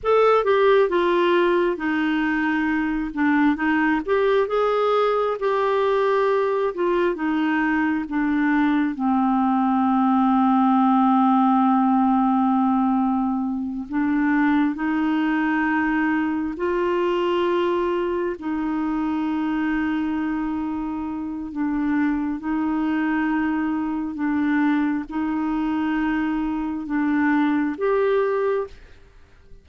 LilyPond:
\new Staff \with { instrumentName = "clarinet" } { \time 4/4 \tempo 4 = 67 a'8 g'8 f'4 dis'4. d'8 | dis'8 g'8 gis'4 g'4. f'8 | dis'4 d'4 c'2~ | c'2.~ c'8 d'8~ |
d'8 dis'2 f'4.~ | f'8 dis'2.~ dis'8 | d'4 dis'2 d'4 | dis'2 d'4 g'4 | }